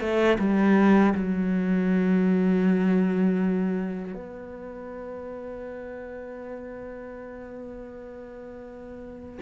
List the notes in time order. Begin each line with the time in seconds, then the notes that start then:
0.00 A3
0.39 G3
1.15 F#3
4.14 B3